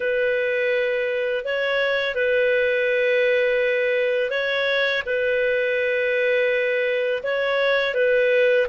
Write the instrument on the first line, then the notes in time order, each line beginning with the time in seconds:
clarinet
0.00 B4
1.45 C#5
2.15 B4
4.30 C#5
5.06 B4
7.23 C#5
7.94 B4